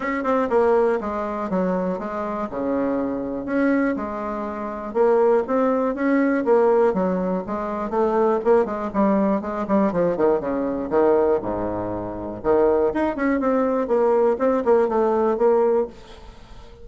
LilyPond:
\new Staff \with { instrumentName = "bassoon" } { \time 4/4 \tempo 4 = 121 cis'8 c'8 ais4 gis4 fis4 | gis4 cis2 cis'4 | gis2 ais4 c'4 | cis'4 ais4 fis4 gis4 |
a4 ais8 gis8 g4 gis8 g8 | f8 dis8 cis4 dis4 gis,4~ | gis,4 dis4 dis'8 cis'8 c'4 | ais4 c'8 ais8 a4 ais4 | }